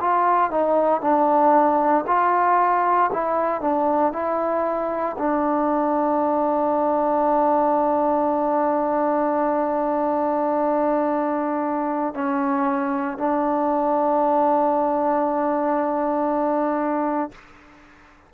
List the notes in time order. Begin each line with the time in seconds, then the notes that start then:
0.00 F4
0.51 D#4
1.01 D4
2.07 F4
3.13 E4
3.61 D4
4.13 E4
5.18 D4
12.15 C#4
13.18 D4